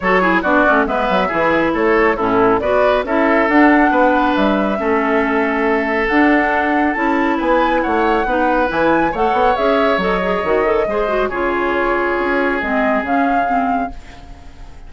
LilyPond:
<<
  \new Staff \with { instrumentName = "flute" } { \time 4/4 \tempo 4 = 138 cis''4 d''4 e''2 | cis''4 a'4 d''4 e''4 | fis''2 e''2~ | e''2 fis''2 |
a''4 gis''4 fis''2 | gis''4 fis''4 e''4 dis''4~ | dis''2 cis''2~ | cis''4 dis''4 f''2 | }
  \new Staff \with { instrumentName = "oboe" } { \time 4/4 a'8 gis'8 fis'4 b'4 gis'4 | a'4 e'4 b'4 a'4~ | a'4 b'2 a'4~ | a'1~ |
a'4 b'4 cis''4 b'4~ | b'4 cis''2.~ | cis''4 c''4 gis'2~ | gis'1 | }
  \new Staff \with { instrumentName = "clarinet" } { \time 4/4 fis'8 e'8 d'8 cis'8 b4 e'4~ | e'4 cis'4 fis'4 e'4 | d'2. cis'4~ | cis'2 d'2 |
e'2. dis'4 | e'4 a'4 gis'4 a'8 gis'8 | fis'8 a'8 gis'8 fis'8 f'2~ | f'4 c'4 cis'4 c'4 | }
  \new Staff \with { instrumentName = "bassoon" } { \time 4/4 fis4 b8 a8 gis8 fis8 e4 | a4 a,4 b4 cis'4 | d'4 b4 g4 a4~ | a2 d'2 |
cis'4 b4 a4 b4 | e4 a8 b8 cis'4 fis4 | dis4 gis4 cis2 | cis'4 gis4 cis2 | }
>>